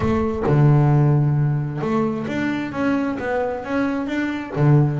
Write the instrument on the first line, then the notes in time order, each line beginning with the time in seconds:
double bass
0.00 A3
0.46 D3
1.81 A3
2.27 D4
2.71 C#4
3.19 B3
3.64 C#4
4.06 D4
4.56 D3